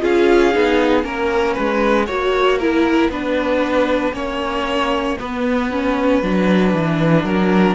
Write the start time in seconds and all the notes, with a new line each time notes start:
0.00 C#4 F4 G#4 F5
0.53 B3 D#4
1.02 A#3 C#4 A#4 F#5
1.53 G#3 B4
2.06 A#3 F#4 C#5
2.58 E4 A#4
3.09 B3 D4 B4
4.13 A#3 C#4 C#5
5.19 B3 B4
5.71 C#4
6.22 F#3 D4
6.73 E3
7.24 F#3 A#4